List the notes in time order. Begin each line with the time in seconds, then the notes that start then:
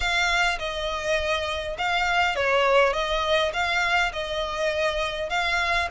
0.00 F5
0.59 D#5
1.78 F5
2.35 C#5
2.93 D#5
3.53 F5
4.12 D#5
5.29 F5